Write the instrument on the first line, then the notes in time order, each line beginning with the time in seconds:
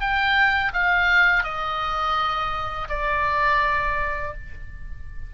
oboe
0.00 G5
0.73 F5
1.44 D#5
2.89 D5